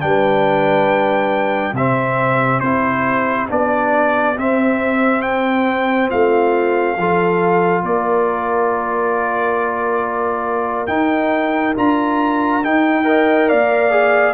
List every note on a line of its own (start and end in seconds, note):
0.00 1.73 G3
0.00 1.74 D4
0.00 1.75 B4
0.00 1.75 G5
1.73 2.60 C3
1.73 2.64 C4
1.73 6.09 G4
1.73 2.60 E5
2.60 3.48 C4
2.60 3.49 E4
2.60 3.47 C5
3.49 4.37 B3
3.49 4.36 D4
3.49 4.38 D5
4.37 6.98 C4
4.37 6.11 C4
4.37 5.22 E5
5.22 6.09 G5
6.09 6.97 A3
6.09 6.96 F4
6.09 7.84 F5
6.97 7.83 F3
6.97 10.88 F4
6.97 7.84 A4
7.83 10.87 A#3
7.83 13.05 A#4
7.83 10.87 D5
10.87 11.75 D#4
10.87 11.74 G5
11.76 12.64 D4
11.76 12.63 F4
11.76 12.64 A#5
12.63 13.04 D#4
12.63 13.52 D#4
12.63 13.49 G5
13.04 13.91 A#4
13.04 13.49 D#5
13.49 14.34 A#3
13.49 14.34 D5
13.49 14.34 F5
13.91 14.34 G#4